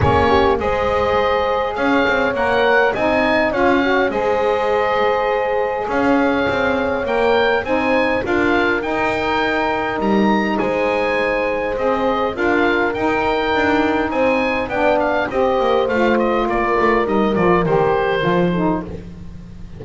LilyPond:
<<
  \new Staff \with { instrumentName = "oboe" } { \time 4/4 \tempo 4 = 102 cis''4 dis''2 f''4 | fis''4 gis''4 f''4 dis''4~ | dis''2 f''2 | g''4 gis''4 f''4 g''4~ |
g''4 ais''4 gis''2 | dis''4 f''4 g''2 | gis''4 g''8 f''8 dis''4 f''8 dis''8 | d''4 dis''8 d''8 c''2 | }
  \new Staff \with { instrumentName = "horn" } { \time 4/4 gis'8 g'8 c''2 cis''4~ | cis''4 dis''4 cis''4 c''4~ | c''2 cis''2~ | cis''4 c''4 ais'2~ |
ais'2 c''2~ | c''4 ais'2. | c''4 d''4 c''2 | ais'2.~ ais'8 a'8 | }
  \new Staff \with { instrumentName = "saxophone" } { \time 4/4 cis'4 gis'2. | ais'4 dis'4 f'8 fis'8 gis'4~ | gis'1 | ais'4 dis'4 f'4 dis'4~ |
dis'1 | gis'4 f'4 dis'2~ | dis'4 d'4 g'4 f'4~ | f'4 dis'8 f'8 g'4 f'8 dis'8 | }
  \new Staff \with { instrumentName = "double bass" } { \time 4/4 ais4 gis2 cis'8 c'8 | ais4 c'4 cis'4 gis4~ | gis2 cis'4 c'4 | ais4 c'4 d'4 dis'4~ |
dis'4 g4 gis2 | c'4 d'4 dis'4 d'4 | c'4 b4 c'8 ais8 a4 | ais8 a8 g8 f8 dis4 f4 | }
>>